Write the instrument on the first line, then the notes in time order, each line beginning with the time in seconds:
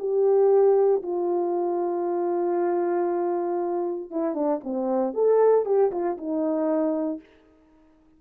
horn
0.00 G4
1.03 F4
4.11 E4
4.35 D4
4.64 C4
5.14 A4
5.66 G4
5.92 F4
6.18 D#4